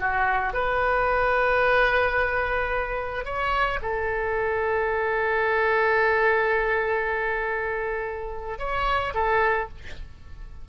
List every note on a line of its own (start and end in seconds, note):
0.00 0.54 F#4
0.54 3.25 B4
3.25 3.80 C#5
3.82 8.59 A4
8.59 9.14 C#5
9.14 9.69 A4